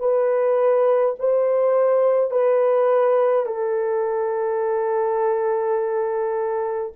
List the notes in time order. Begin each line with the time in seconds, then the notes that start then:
0.00 B4
1.20 C5
2.31 B4
3.47 A4